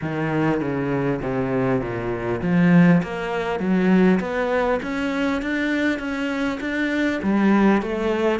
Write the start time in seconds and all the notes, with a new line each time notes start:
0.01 D#3
0.60 C#3
1.22 C3
1.81 A#2
2.42 F3
3.02 A#3
3.59 F#3
4.19 B3
4.82 C#4
5.42 D4
5.99 C#4
6.60 D4
7.22 G3
7.82 A3